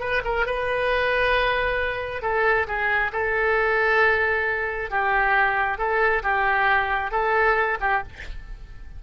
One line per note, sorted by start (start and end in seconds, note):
0.00 0.22 B4
0.24 0.46 A#4
0.46 2.22 B4
2.22 2.67 A4
2.67 3.12 G#4
3.13 4.90 A4
4.90 5.78 G4
5.78 6.22 A4
6.23 7.11 G4
7.11 7.78 A4
7.81 8.03 G4